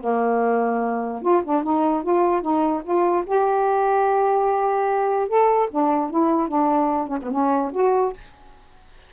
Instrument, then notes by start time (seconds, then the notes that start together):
saxophone
0.00 A#3
1.22 F4
1.44 D4
1.63 D#4
2.03 F4
2.41 D#4
2.83 F4
3.26 G4
5.28 A4
5.70 D4
6.10 E4
6.48 D4
7.07 C#4
7.21 B3
7.31 C#4
7.72 F#4